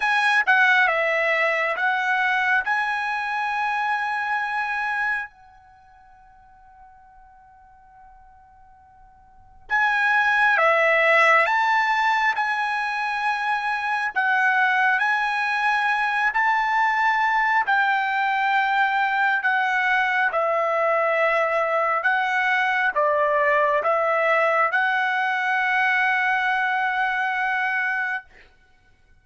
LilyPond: \new Staff \with { instrumentName = "trumpet" } { \time 4/4 \tempo 4 = 68 gis''8 fis''8 e''4 fis''4 gis''4~ | gis''2 fis''2~ | fis''2. gis''4 | e''4 a''4 gis''2 |
fis''4 gis''4. a''4. | g''2 fis''4 e''4~ | e''4 fis''4 d''4 e''4 | fis''1 | }